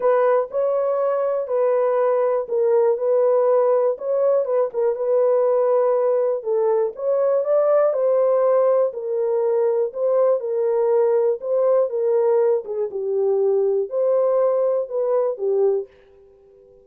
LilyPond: \new Staff \with { instrumentName = "horn" } { \time 4/4 \tempo 4 = 121 b'4 cis''2 b'4~ | b'4 ais'4 b'2 | cis''4 b'8 ais'8 b'2~ | b'4 a'4 cis''4 d''4 |
c''2 ais'2 | c''4 ais'2 c''4 | ais'4. gis'8 g'2 | c''2 b'4 g'4 | }